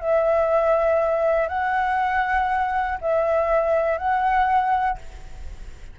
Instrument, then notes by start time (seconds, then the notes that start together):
flute
0.00 E5
1.49 F#5
3.02 E5
3.98 F#5